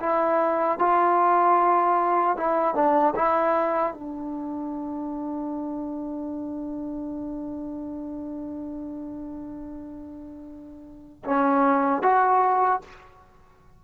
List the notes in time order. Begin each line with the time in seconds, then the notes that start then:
0.00 E4
0.79 F4
2.37 E4
2.75 D4
3.15 E4
3.93 D4
11.25 C#4
12.02 F#4